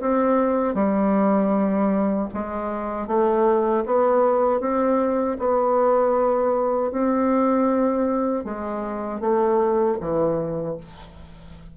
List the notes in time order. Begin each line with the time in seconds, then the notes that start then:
0.00 C4
0.74 G3
2.33 G#3
3.07 A3
3.85 B3
4.60 C4
5.38 B3
6.91 C4
8.44 G#3
9.20 A3
10.00 E3